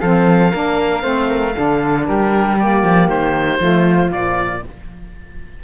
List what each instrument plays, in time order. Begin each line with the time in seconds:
0.00 cello F3, saxophone C4, flute A4, oboe F5
0.51 cello A#3, saxophone D4, flute A#4
1.02 cello A3, saxophone C4, flute C5
1.29 flute A#4
1.53 cello D3, saxophone D4, flute A4
2.06 cello G3, flute G4, oboe A#4
2.59 saxophone A#3, oboe D5
2.83 cello F3
3.08 cello D#3, oboe C5
3.59 cello F3, saxophone A3, flute F4
4.10 cello A#2, saxophone F3, oboe D5